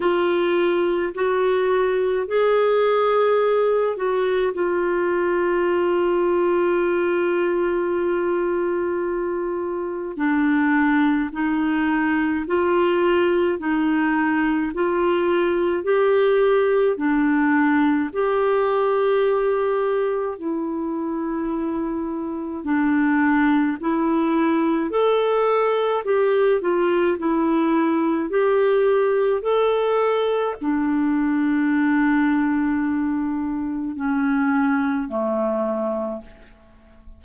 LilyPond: \new Staff \with { instrumentName = "clarinet" } { \time 4/4 \tempo 4 = 53 f'4 fis'4 gis'4. fis'8 | f'1~ | f'4 d'4 dis'4 f'4 | dis'4 f'4 g'4 d'4 |
g'2 e'2 | d'4 e'4 a'4 g'8 f'8 | e'4 g'4 a'4 d'4~ | d'2 cis'4 a4 | }